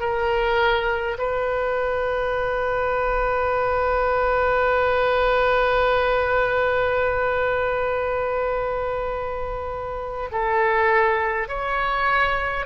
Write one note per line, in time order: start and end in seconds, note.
0.00 1.18 A#4
1.18 10.30 B4
10.31 11.48 A4
11.48 12.66 C#5